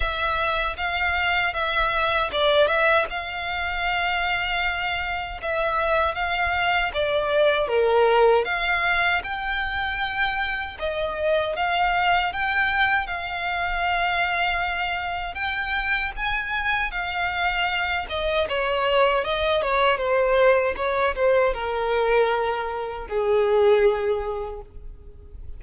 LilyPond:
\new Staff \with { instrumentName = "violin" } { \time 4/4 \tempo 4 = 78 e''4 f''4 e''4 d''8 e''8 | f''2. e''4 | f''4 d''4 ais'4 f''4 | g''2 dis''4 f''4 |
g''4 f''2. | g''4 gis''4 f''4. dis''8 | cis''4 dis''8 cis''8 c''4 cis''8 c''8 | ais'2 gis'2 | }